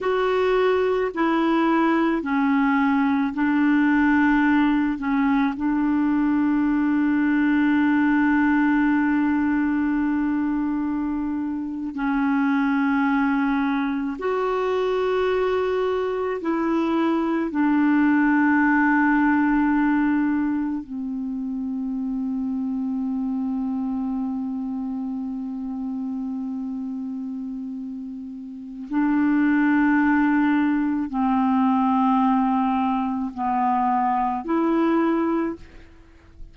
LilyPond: \new Staff \with { instrumentName = "clarinet" } { \time 4/4 \tempo 4 = 54 fis'4 e'4 cis'4 d'4~ | d'8 cis'8 d'2.~ | d'2~ d'8. cis'4~ cis'16~ | cis'8. fis'2 e'4 d'16~ |
d'2~ d'8. c'4~ c'16~ | c'1~ | c'2 d'2 | c'2 b4 e'4 | }